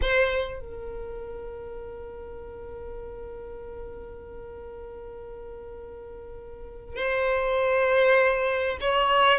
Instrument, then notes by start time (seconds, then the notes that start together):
violin
0.01 C5
0.60 A#4
6.95 C5
8.80 C#5